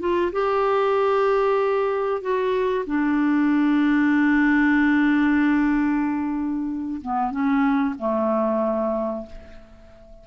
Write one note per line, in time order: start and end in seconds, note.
0.00 0.32 F4
0.33 2.22 G4
2.22 2.85 F#4
2.87 7.02 D4
7.02 7.31 B3
7.31 7.95 C#4
7.99 9.27 A3